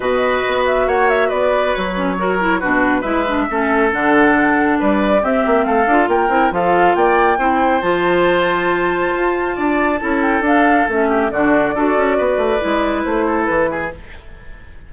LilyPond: <<
  \new Staff \with { instrumentName = "flute" } { \time 4/4 \tempo 4 = 138 dis''4. e''8 fis''8 e''8 d''4 | cis''2 b'4 e''4~ | e''4 fis''2 d''4 | e''4 f''4 g''4 f''4 |
g''2 a''2~ | a''2.~ a''8 g''8 | f''4 e''4 d''2~ | d''2 c''4 b'4 | }
  \new Staff \with { instrumentName = "oboe" } { \time 4/4 b'2 cis''4 b'4~ | b'4 ais'4 fis'4 b'4 | a'2. b'4 | g'4 a'4 ais'4 a'4 |
d''4 c''2.~ | c''2 d''4 a'4~ | a'4. g'8 fis'4 a'4 | b'2~ b'8 a'4 gis'8 | }
  \new Staff \with { instrumentName = "clarinet" } { \time 4/4 fis'1~ | fis'8 cis'8 fis'8 e'8 d'4 e'8 d'8 | cis'4 d'2. | c'4. f'4 e'8 f'4~ |
f'4 e'4 f'2~ | f'2. e'4 | d'4 cis'4 d'4 fis'4~ | fis'4 e'2. | }
  \new Staff \with { instrumentName = "bassoon" } { \time 4/4 b,4 b4 ais4 b4 | fis2 b,4 gis4 | a4 d2 g4 | c'8 ais8 a8 d'8 ais8 c'8 f4 |
ais4 c'4 f2~ | f4 f'4 d'4 cis'4 | d'4 a4 d4 d'8 cis'8 | b8 a8 gis4 a4 e4 | }
>>